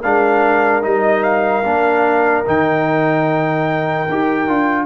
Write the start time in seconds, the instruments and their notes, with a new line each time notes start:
0.00 tuba G#3, trombone D4, horn A#4, trumpet F5
0.82 tuba G3, trombone D#4, trumpet D#5
1.23 trumpet F5
1.64 tuba A#3, trombone D4
2.45 tuba D#3, trombone D#4, trumpet G5
4.08 tuba D#4, trombone G4
4.48 tuba D4, trombone F4